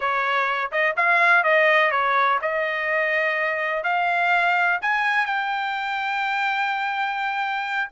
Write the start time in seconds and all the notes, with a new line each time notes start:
0.00 C#5
0.71 D#5
0.96 F5
1.43 D#5
1.91 C#5
2.41 D#5
3.83 F5
4.81 G#5
5.26 G5